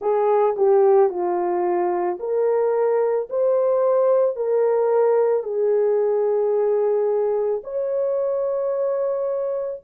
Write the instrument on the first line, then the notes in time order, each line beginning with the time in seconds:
horn
0.00 G#4
0.57 G4
1.09 F4
2.19 A#4
3.29 C5
4.35 A#4
5.43 G#4
7.63 C#5